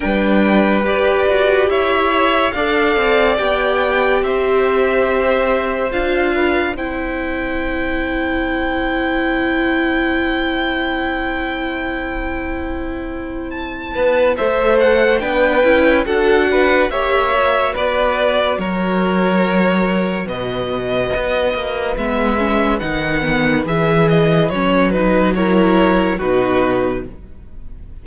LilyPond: <<
  \new Staff \with { instrumentName = "violin" } { \time 4/4 \tempo 4 = 71 g''4 d''4 e''4 f''4 | g''4 e''2 f''4 | g''1~ | g''1 |
a''4 e''8 fis''8 g''4 fis''4 | e''4 d''4 cis''2 | dis''2 e''4 fis''4 | e''8 dis''8 cis''8 b'8 cis''4 b'4 | }
  \new Staff \with { instrumentName = "violin" } { \time 4/4 b'2 cis''4 d''4~ | d''4 c''2~ c''8 b'8 | c''1~ | c''1~ |
c''8 b'8 c''4 b'4 a'8 b'8 | cis''4 b'4 ais'2 | b'1~ | b'2 ais'4 fis'4 | }
  \new Staff \with { instrumentName = "viola" } { \time 4/4 d'4 g'2 a'4 | g'2. f'4 | e'1~ | e'1~ |
e'4 a'4 d'8 e'8 fis'4 | g'8 fis'2.~ fis'8~ | fis'2 b8 cis'8 dis'8 b8 | gis'4 cis'8 dis'8 e'4 dis'4 | }
  \new Staff \with { instrumentName = "cello" } { \time 4/4 g4 g'8 fis'8 e'4 d'8 c'8 | b4 c'2 d'4 | c'1~ | c'1~ |
c'8 b8 a4 b8 cis'8 d'4 | ais4 b4 fis2 | b,4 b8 ais8 gis4 dis4 | e4 fis2 b,4 | }
>>